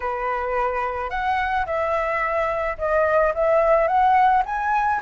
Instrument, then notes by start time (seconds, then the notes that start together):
flute
0.00 B4
1.10 F#5
1.66 E5
2.78 D#5
3.34 E5
3.87 F#5
4.45 G#5